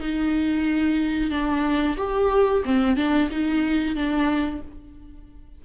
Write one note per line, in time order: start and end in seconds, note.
0.00 1.31 D#4
1.31 1.97 D4
1.98 2.63 G4
2.65 2.97 C4
2.97 3.30 D4
3.31 3.96 D#4
3.96 4.62 D4